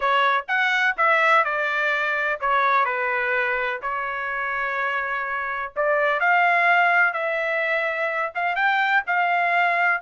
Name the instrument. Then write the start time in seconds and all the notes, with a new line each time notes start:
trumpet
0.00 C#5
0.47 F#5
0.97 E5
1.44 D5
2.40 C#5
2.85 B4
3.82 C#5
5.76 D5
6.20 F5
7.13 E5
8.35 F5
8.55 G5
9.06 F5